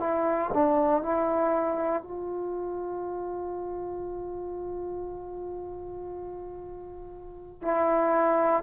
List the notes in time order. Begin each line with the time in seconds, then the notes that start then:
0.00 E4
0.54 D4
1.03 E4
2.02 F4
7.62 E4